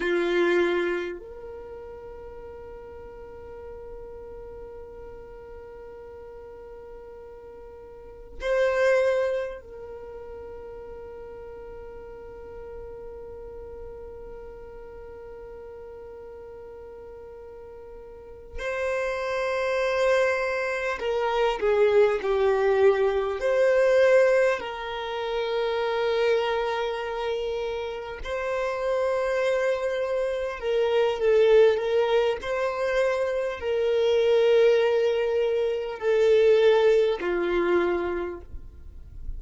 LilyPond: \new Staff \with { instrumentName = "violin" } { \time 4/4 \tempo 4 = 50 f'4 ais'2.~ | ais'2. c''4 | ais'1~ | ais'2.~ ais'8 c''8~ |
c''4. ais'8 gis'8 g'4 c''8~ | c''8 ais'2. c''8~ | c''4. ais'8 a'8 ais'8 c''4 | ais'2 a'4 f'4 | }